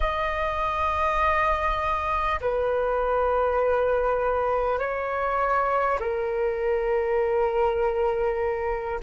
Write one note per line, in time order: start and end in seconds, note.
0.00 2.39 D#5
2.41 4.78 B4
4.78 5.98 C#5
6.00 9.00 A#4